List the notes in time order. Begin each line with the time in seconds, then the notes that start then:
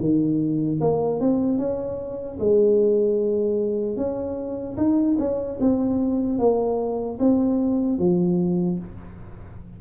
0.00 D#3
0.81 A#3
1.21 C4
1.59 C#4
2.40 G#3
3.97 C#4
4.77 D#4
5.19 C#4
5.60 C4
6.39 A#3
7.20 C4
7.99 F3